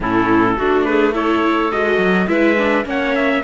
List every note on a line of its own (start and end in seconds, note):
0.00 0.57 A2
0.00 0.57 C#4
0.00 0.56 E4
0.00 0.84 A4
0.56 1.72 A3
0.56 1.13 D4
0.56 0.84 F#4
0.84 1.12 G#4
0.84 1.13 B4
1.12 1.70 E4
1.12 2.27 A4
1.12 1.71 C#5
1.71 1.98 G#3
1.71 2.27 F#4
1.71 2.27 D#5
1.98 2.26 F#3
2.27 2.85 G#3
2.27 2.56 E4
2.27 2.86 B4
2.27 2.85 E5
2.56 2.84 D4
2.84 3.42 A#3
2.84 3.41 C#4
2.84 3.44 C#5
2.84 3.15 F#5
3.15 3.43 E5